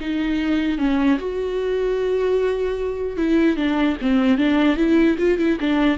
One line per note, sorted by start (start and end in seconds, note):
0.00 0.78 D#4
0.78 1.18 C#4
1.19 3.17 F#4
3.17 3.56 E4
3.56 3.96 D4
4.01 4.37 C4
4.37 4.76 D4
4.76 5.16 E4
5.18 5.38 F4
5.38 5.58 E4
5.60 5.97 D4